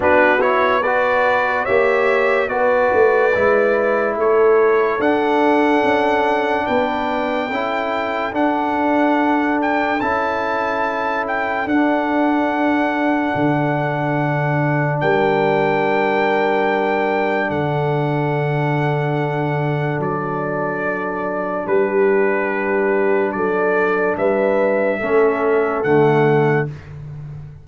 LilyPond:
<<
  \new Staff \with { instrumentName = "trumpet" } { \time 4/4 \tempo 4 = 72 b'8 cis''8 d''4 e''4 d''4~ | d''4 cis''4 fis''2 | g''2 fis''4. g''8 | a''4. g''8 fis''2~ |
fis''2 g''2~ | g''4 fis''2. | d''2 b'2 | d''4 e''2 fis''4 | }
  \new Staff \with { instrumentName = "horn" } { \time 4/4 fis'4 b'4 cis''4 b'4~ | b'4 a'2. | b'4 a'2.~ | a'1~ |
a'2 ais'2~ | ais'4 a'2.~ | a'2 g'2 | a'4 b'4 a'2 | }
  \new Staff \with { instrumentName = "trombone" } { \time 4/4 d'8 e'8 fis'4 g'4 fis'4 | e'2 d'2~ | d'4 e'4 d'2 | e'2 d'2~ |
d'1~ | d'1~ | d'1~ | d'2 cis'4 a4 | }
  \new Staff \with { instrumentName = "tuba" } { \time 4/4 b2 ais4 b8 a8 | gis4 a4 d'4 cis'4 | b4 cis'4 d'2 | cis'2 d'2 |
d2 g2~ | g4 d2. | fis2 g2 | fis4 g4 a4 d4 | }
>>